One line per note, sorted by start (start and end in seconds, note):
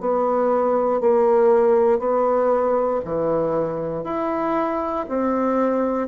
0.00 1.00 B3
1.00 1.99 A#3
1.99 3.00 B3
3.04 4.04 E3
4.04 5.05 E4
5.08 6.07 C4